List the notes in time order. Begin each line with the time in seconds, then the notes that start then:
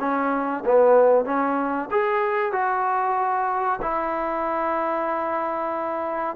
0.00 C#4
0.65 B3
1.25 C#4
1.91 G#4
2.52 F#4
3.82 E4